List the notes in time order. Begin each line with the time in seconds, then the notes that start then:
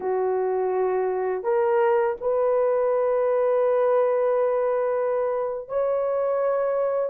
0.00 F#4
1.43 A#4
2.21 B4
5.68 C#5